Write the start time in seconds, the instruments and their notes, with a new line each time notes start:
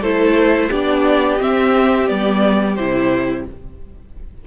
0.00 cello A3, viola E4, violin A4 C5
0.69 cello B3, viola D4, violin G4 D5
1.39 viola C4, cello C4, violin E5
2.07 cello G3, viola B3, violin D5
2.75 cello C3, viola E4, violin C5